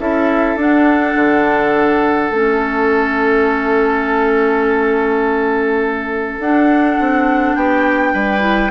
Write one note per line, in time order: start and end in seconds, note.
0.00 0.56 C#4
0.00 0.58 E4
0.00 7.58 A4
0.00 0.59 E5
0.56 1.15 D4
0.56 2.33 D4
0.56 2.34 F#5
1.15 2.30 D3
2.30 6.38 A3
2.30 6.42 C#4
2.30 6.41 E5
6.40 6.98 D4
6.40 8.40 D4
6.40 7.56 F#5
7.00 7.56 C4
7.56 8.14 B3
7.56 8.13 G4
7.56 8.72 G5
8.13 8.72 G3
8.13 8.72 B4
8.40 8.69 E4